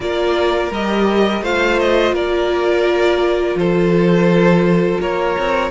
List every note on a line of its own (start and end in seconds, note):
0.00 0.70 A#3
0.00 0.72 F4
0.00 1.42 A#4
0.00 0.72 D5
0.70 1.42 G3
0.70 1.44 G4
0.70 1.44 D#5
1.42 2.11 A3
1.42 5.70 F4
1.42 2.14 C5
1.42 1.79 F5
1.79 2.15 D#5
2.11 3.54 A#3
2.11 3.57 A#4
2.11 3.57 D5
3.55 4.98 F3
3.55 5.01 A4
3.55 5.00 C5
5.00 5.36 A#3
5.00 5.70 A#4
5.00 5.70 C#5
5.38 5.70 C4